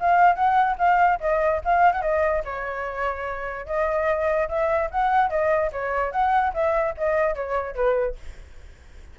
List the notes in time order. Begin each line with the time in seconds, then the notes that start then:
0.00 F5
0.35 F#5
0.78 F5
1.20 D#5
1.65 F5
1.93 F#5
2.02 D#5
2.45 C#5
3.66 D#5
4.49 E5
4.91 F#5
5.30 D#5
5.72 C#5
6.12 F#5
6.54 E5
6.97 D#5
7.35 C#5
7.75 B4